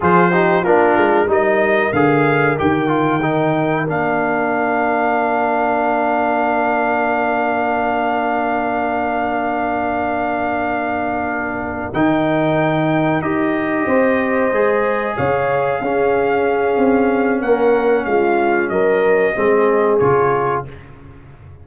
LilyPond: <<
  \new Staff \with { instrumentName = "trumpet" } { \time 4/4 \tempo 4 = 93 c''4 ais'4 dis''4 f''4 | g''2 f''2~ | f''1~ | f''1~ |
f''2~ f''8 g''4.~ | g''8 dis''2. f''8~ | f''2. fis''4 | f''4 dis''2 cis''4 | }
  \new Staff \with { instrumentName = "horn" } { \time 4/4 gis'8 g'8 f'4 ais'2~ | ais'1~ | ais'1~ | ais'1~ |
ais'1~ | ais'4. c''2 cis''8~ | cis''8 gis'2~ gis'8 ais'4 | f'4 ais'4 gis'2 | }
  \new Staff \with { instrumentName = "trombone" } { \time 4/4 f'8 dis'8 d'4 dis'4 gis'4 | g'8 f'8 dis'4 d'2~ | d'1~ | d'1~ |
d'2~ d'8 dis'4.~ | dis'8 g'2 gis'4.~ | gis'8 cis'2.~ cis'8~ | cis'2 c'4 f'4 | }
  \new Staff \with { instrumentName = "tuba" } { \time 4/4 f4 ais8 gis8 g4 d4 | dis2 ais2~ | ais1~ | ais1~ |
ais2~ ais8 dis4.~ | dis8 dis'4 c'4 gis4 cis8~ | cis8 cis'4. c'4 ais4 | gis4 fis4 gis4 cis4 | }
>>